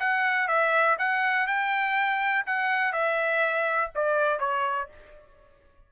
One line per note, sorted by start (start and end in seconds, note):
0.00 0.48 F#5
0.48 0.97 E5
0.99 1.47 F#5
1.47 2.45 G5
2.46 2.93 F#5
2.93 3.91 E5
3.95 4.40 D5
4.40 4.89 C#5